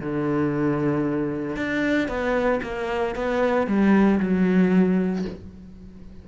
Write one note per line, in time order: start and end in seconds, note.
0.00 1.56 D3
1.56 2.08 D4
2.08 2.61 B3
2.62 3.15 A#3
3.15 3.67 B3
3.67 4.19 G3
4.20 5.25 F#3